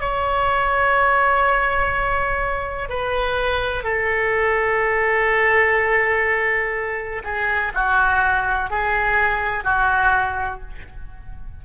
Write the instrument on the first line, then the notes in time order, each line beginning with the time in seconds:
oboe
0.00 C#5
2.89 B4
3.84 A4
7.24 G#4
7.75 F#4
8.70 G#4
9.64 F#4